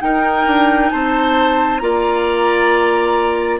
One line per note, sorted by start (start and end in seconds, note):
0.00 1.80 D#4
0.00 0.46 D#4
0.00 0.92 A#4
0.00 0.90 G5
0.46 0.91 D4
0.90 1.81 C4
0.90 1.81 C5
0.90 1.78 A5
1.78 3.60 A#3
1.78 3.59 F4
1.78 3.60 D5
1.78 3.57 A#5